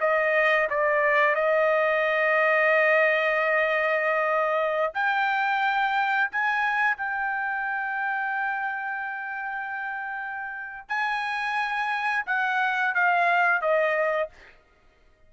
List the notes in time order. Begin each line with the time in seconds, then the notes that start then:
0.00 D#5
0.70 D5
1.35 D#5
4.94 G5
6.32 G#5
6.97 G5
10.89 G#5
12.26 F#5
12.95 F5
13.61 D#5